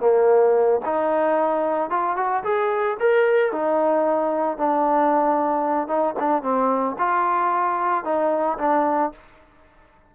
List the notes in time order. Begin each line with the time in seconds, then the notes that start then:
0.00 A#3
0.85 D#4
1.90 F4
2.16 F#4
2.44 G#4
3.00 A#4
3.52 D#4
4.57 D4
5.88 D#4
6.19 D4
6.42 C4
6.98 F4
8.04 D#4
8.58 D4